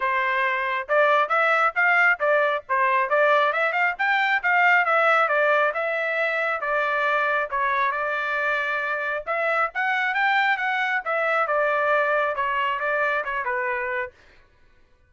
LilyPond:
\new Staff \with { instrumentName = "trumpet" } { \time 4/4 \tempo 4 = 136 c''2 d''4 e''4 | f''4 d''4 c''4 d''4 | e''8 f''8 g''4 f''4 e''4 | d''4 e''2 d''4~ |
d''4 cis''4 d''2~ | d''4 e''4 fis''4 g''4 | fis''4 e''4 d''2 | cis''4 d''4 cis''8 b'4. | }